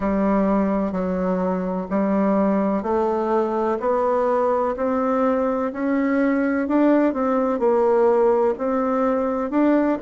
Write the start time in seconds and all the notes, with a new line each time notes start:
0.00 G3
0.91 F#3
1.90 G3
2.82 A3
3.80 B3
4.76 C4
5.72 C#4
6.68 D4
7.13 C4
7.59 A#3
8.58 C4
9.50 D4